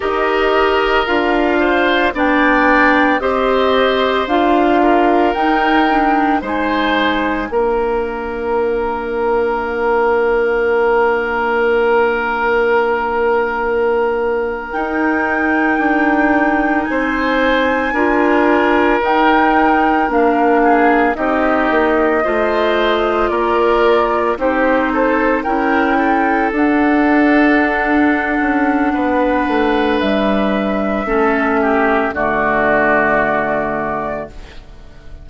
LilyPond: <<
  \new Staff \with { instrumentName = "flute" } { \time 4/4 \tempo 4 = 56 dis''4 f''4 g''4 dis''4 | f''4 g''4 gis''4 f''4~ | f''1~ | f''4.~ f''16 g''2 gis''16~ |
gis''4.~ gis''16 g''4 f''4 dis''16~ | dis''4.~ dis''16 d''4 c''4 g''16~ | g''8. fis''2.~ fis''16 | e''2 d''2 | }
  \new Staff \with { instrumentName = "oboe" } { \time 4/4 ais'4. c''8 d''4 c''4~ | c''8 ais'4. c''4 ais'4~ | ais'1~ | ais'2.~ ais'8. c''16~ |
c''8. ais'2~ ais'8 gis'8 g'16~ | g'8. c''4 ais'4 g'8 a'8 ais'16~ | ais'16 a'2~ a'8. b'4~ | b'4 a'8 g'8 fis'2 | }
  \new Staff \with { instrumentName = "clarinet" } { \time 4/4 g'4 f'4 d'4 g'4 | f'4 dis'8 d'8 dis'4 d'4~ | d'1~ | d'4.~ d'16 dis'2~ dis'16~ |
dis'8. f'4 dis'4 d'4 dis'16~ | dis'8. f'2 dis'4 e'16~ | e'8. d'2.~ d'16~ | d'4 cis'4 a2 | }
  \new Staff \with { instrumentName = "bassoon" } { \time 4/4 dis'4 d'4 b4 c'4 | d'4 dis'4 gis4 ais4~ | ais1~ | ais4.~ ais16 dis'4 d'4 c'16~ |
c'8. d'4 dis'4 ais4 c'16~ | c'16 ais8 a4 ais4 c'4 cis'16~ | cis'8. d'4.~ d'16 cis'8 b8 a8 | g4 a4 d2 | }
>>